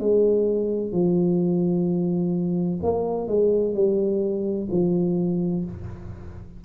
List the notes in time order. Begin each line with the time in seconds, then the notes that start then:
0.00 G#3
0.92 F3
2.83 A#3
3.28 G#3
3.75 G3
4.71 F3